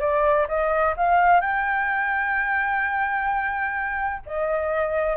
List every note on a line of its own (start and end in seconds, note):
0.00 0.47 D5
0.48 0.95 D#5
0.97 1.41 F5
1.41 4.22 G5
4.26 5.17 D#5